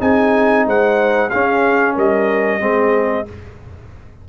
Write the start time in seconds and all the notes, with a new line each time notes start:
0.00 C4 D#4 G#4 G#5
0.66 G#3 C5 F#5
1.30 C#4 G#4 F5
1.95 G3 A#4 D#5
2.60 G#3 C4 G#4